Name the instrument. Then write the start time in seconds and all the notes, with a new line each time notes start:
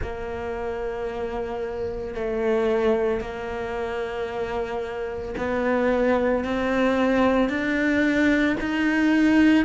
cello
0.01 A#3
2.14 A3
3.20 A#3
5.37 B3
6.44 C4
7.49 D4
8.60 D#4